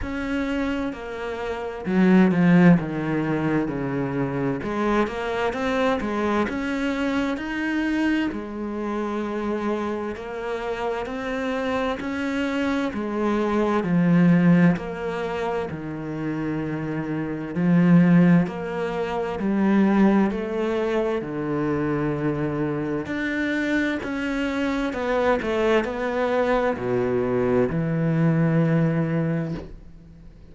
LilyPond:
\new Staff \with { instrumentName = "cello" } { \time 4/4 \tempo 4 = 65 cis'4 ais4 fis8 f8 dis4 | cis4 gis8 ais8 c'8 gis8 cis'4 | dis'4 gis2 ais4 | c'4 cis'4 gis4 f4 |
ais4 dis2 f4 | ais4 g4 a4 d4~ | d4 d'4 cis'4 b8 a8 | b4 b,4 e2 | }